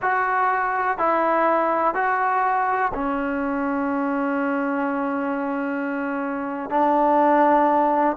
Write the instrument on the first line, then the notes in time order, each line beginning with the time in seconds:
trombone
0.02 F#4
0.98 E4
1.94 F#4
2.94 C#4
6.70 D4